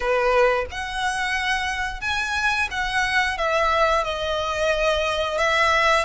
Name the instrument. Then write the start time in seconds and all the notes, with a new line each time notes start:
violin
0.00 B4
0.71 F#5
2.00 G#5
2.70 F#5
3.37 E5
4.04 D#5
5.38 E5